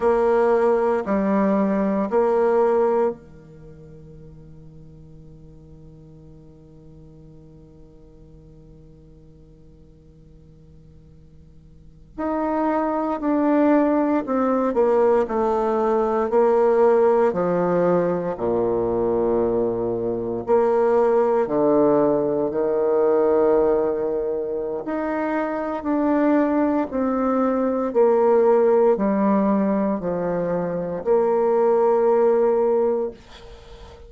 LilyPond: \new Staff \with { instrumentName = "bassoon" } { \time 4/4 \tempo 4 = 58 ais4 g4 ais4 dis4~ | dis1~ | dis2.~ dis8. dis'16~ | dis'8. d'4 c'8 ais8 a4 ais16~ |
ais8. f4 ais,2 ais16~ | ais8. d4 dis2~ dis16 | dis'4 d'4 c'4 ais4 | g4 f4 ais2 | }